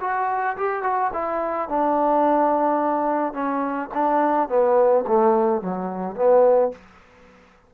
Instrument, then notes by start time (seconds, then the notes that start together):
trombone
0.00 F#4
0.57 G4
0.82 F#4
1.13 E4
1.68 D4
3.33 C#4
3.94 D4
4.48 B3
5.07 A3
5.61 F#3
6.15 B3